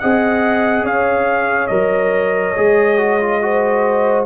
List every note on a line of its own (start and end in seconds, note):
0.00 0.83 C4
0.00 1.69 G#4
0.00 0.85 D#5
0.00 0.86 F#5
0.83 1.69 C#4
0.83 3.42 C#5
0.83 1.68 F5
1.68 2.56 F#3
1.68 2.55 A#4
1.68 4.25 D#5
2.57 4.27 G#3
2.57 2.98 G#4
2.98 3.20 F#4
3.21 3.42 F4
3.42 4.27 F#4
3.42 4.27 C5